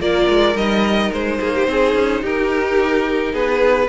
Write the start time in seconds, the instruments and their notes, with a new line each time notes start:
0.00 cello A#3, viola F4, violin A#4 D5
0.29 cello G#3
0.56 cello G3, viola D#4, violin D#5
1.12 cello G#3, violin C5
1.40 cello A#3, violin G#4
1.55 violin G4
1.67 cello C4, violin G#4
1.95 cello C#4
2.22 cello D#4, violin G4 A#4
3.33 cello B3, violin G#4 B4